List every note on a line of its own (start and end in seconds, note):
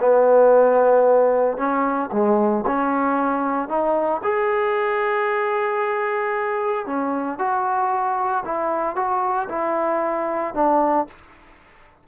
0.00 1.57 B3
1.57 2.10 C#4
2.12 2.65 G#3
2.67 3.69 C#4
3.69 4.22 D#4
4.24 6.86 G#4
6.86 7.39 C#4
7.39 8.44 F#4
8.45 8.96 E4
8.96 9.48 F#4
9.49 10.54 E4
10.54 11.07 D4